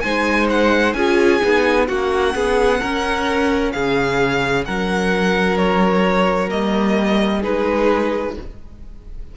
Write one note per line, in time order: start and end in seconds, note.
0.00 0.94 G#3
0.00 0.96 D#4
0.00 0.96 C5
0.00 0.46 G#5
0.49 0.93 F#5
0.93 1.40 C#4
0.93 1.42 F4
0.93 1.88 G#4
0.93 1.86 G#5
1.42 1.89 B3
1.42 1.88 D#4
1.88 2.35 A#3
1.88 6.48 C#4
1.88 2.34 F#4
1.88 3.72 F#5
2.35 2.81 B3
2.35 2.80 G#4
2.80 3.75 C#4
2.80 3.73 A#4
3.72 4.67 C#3
3.72 4.66 G#4
3.72 4.64 F5
4.65 6.52 F#3
4.65 7.39 A#4
4.65 5.57 F#5
5.57 6.50 C#5
6.48 7.44 G3
6.48 7.41 A#3
6.48 7.42 D#5
7.39 8.37 G#3
7.39 8.35 D#4
7.39 8.32 G#4
7.39 8.35 B4